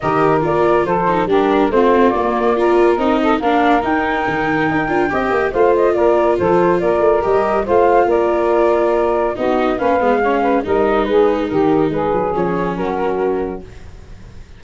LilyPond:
<<
  \new Staff \with { instrumentName = "flute" } { \time 4/4 \tempo 4 = 141 dis''4 d''4 c''4 ais'4 | c''4 d''2 dis''4 | f''4 g''2.~ | g''4 f''8 dis''8 d''4 c''4 |
d''4 dis''4 f''4 d''4~ | d''2 dis''4 f''4~ | f''4 dis''4 b'4 ais'4 | b'4 cis''4 ais'2 | }
  \new Staff \with { instrumentName = "saxophone" } { \time 4/4 ais'2 a'4 g'4 | f'2 ais'4. a'8 | ais'1 | dis''4 c''4 ais'4 a'4 |
ais'2 c''4 ais'4~ | ais'2 fis'4 b'4 | cis''8 b'8 ais'4 gis'4 g'4 | gis'2 fis'2 | }
  \new Staff \with { instrumentName = "viola" } { \time 4/4 g'4 f'4. dis'8 d'4 | c'4 ais4 f'4 dis'4 | d'4 dis'2~ dis'8 f'8 | g'4 f'2.~ |
f'4 g'4 f'2~ | f'2 dis'4 cis'8 b8 | cis'4 dis'2.~ | dis'4 cis'2. | }
  \new Staff \with { instrumentName = "tuba" } { \time 4/4 dis4 ais4 f4 g4 | a4 ais2 c'4 | ais4 dis'4 dis4 dis'8 d'8 | c'8 ais8 a4 ais4 f4 |
ais8 a8 g4 a4 ais4~ | ais2 b4 ais8 gis8~ | gis4 g4 gis4 dis4 | gis8 fis8 f4 fis2 | }
>>